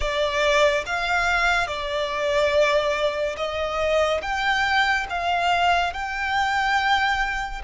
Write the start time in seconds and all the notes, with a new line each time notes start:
0.00 D5
0.86 F5
1.67 D5
3.36 D#5
4.21 G5
5.09 F5
5.93 G5